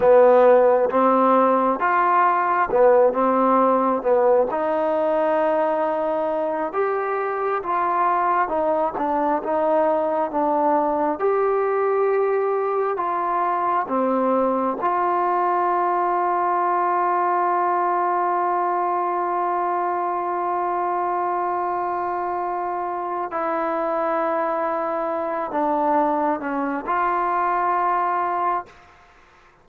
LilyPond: \new Staff \with { instrumentName = "trombone" } { \time 4/4 \tempo 4 = 67 b4 c'4 f'4 b8 c'8~ | c'8 b8 dis'2~ dis'8 g'8~ | g'8 f'4 dis'8 d'8 dis'4 d'8~ | d'8 g'2 f'4 c'8~ |
c'8 f'2.~ f'8~ | f'1~ | f'2 e'2~ | e'8 d'4 cis'8 f'2 | }